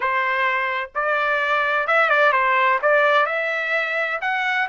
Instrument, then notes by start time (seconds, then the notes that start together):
trumpet
0.00 C5
0.94 D5
1.87 E5
2.09 D5
2.32 C5
2.81 D5
3.26 E5
4.21 F#5